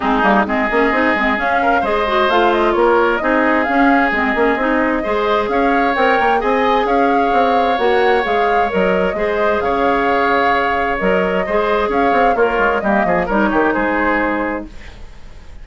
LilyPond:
<<
  \new Staff \with { instrumentName = "flute" } { \time 4/4 \tempo 4 = 131 gis'4 dis''2 f''4 | dis''4 f''8 dis''8 cis''4 dis''4 | f''4 dis''2. | f''4 g''4 gis''4 f''4~ |
f''4 fis''4 f''4 dis''4~ | dis''4 f''2. | dis''2 f''4 cis''4 | dis''4 cis''4 c''2 | }
  \new Staff \with { instrumentName = "oboe" } { \time 4/4 dis'4 gis'2~ gis'8 ais'8 | c''2 ais'4 gis'4~ | gis'2. c''4 | cis''2 dis''4 cis''4~ |
cis''1 | c''4 cis''2.~ | cis''4 c''4 cis''4 f'4 | g'8 gis'8 ais'8 g'8 gis'2 | }
  \new Staff \with { instrumentName = "clarinet" } { \time 4/4 c'8 ais8 c'8 cis'8 dis'8 c'8 cis'4 | gis'8 fis'8 f'2 dis'4 | cis'4 c'8 cis'8 dis'4 gis'4~ | gis'4 ais'4 gis'2~ |
gis'4 fis'4 gis'4 ais'4 | gis'1 | ais'4 gis'2 ais'4 | ais4 dis'2. | }
  \new Staff \with { instrumentName = "bassoon" } { \time 4/4 gis8 g8 gis8 ais8 c'8 gis8 cis'4 | gis4 a4 ais4 c'4 | cis'4 gis8 ais8 c'4 gis4 | cis'4 c'8 ais8 c'4 cis'4 |
c'4 ais4 gis4 fis4 | gis4 cis2. | fis4 gis4 cis'8 c'8 ais8 gis8 | g8 f8 g8 dis8 gis2 | }
>>